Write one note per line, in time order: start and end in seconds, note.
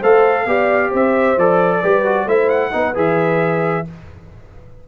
0.00 0.46 A3
0.00 0.47 A4
0.00 0.45 C5
0.00 0.93 F5
0.46 0.91 B3
0.46 1.37 G4
0.46 0.89 D5
0.89 1.37 C4
0.89 1.80 C5
0.89 1.39 E5
1.37 1.82 F3
1.37 1.83 A4
1.37 2.28 D5
1.82 2.26 G3
1.82 2.05 G4
1.82 2.27 B4
2.05 2.28 F#4
2.26 2.71 A3
2.26 2.72 E4
2.26 2.73 C5
2.26 2.49 E5
2.49 2.94 F#5
2.72 2.96 B3
2.72 2.94 D#4
2.72 3.88 B4
2.94 3.86 E3
2.94 3.85 G#4
2.94 3.88 E5